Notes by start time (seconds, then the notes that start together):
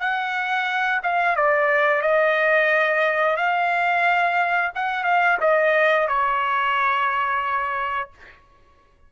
0.00 F#5
1.03 F5
1.36 D5
2.02 D#5
3.37 F5
4.75 F#5
5.04 F5
5.41 D#5
6.08 C#5